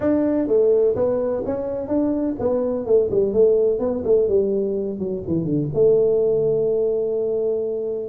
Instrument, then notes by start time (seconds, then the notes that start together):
tuba
0.00 D4
0.47 A3
0.95 B3
1.45 C#4
1.87 D4
2.39 B3
2.85 A3
3.10 G3
3.33 A3
3.79 B3
4.04 A3
4.28 G3
4.98 F#3
5.27 E3
5.44 D3
5.74 A3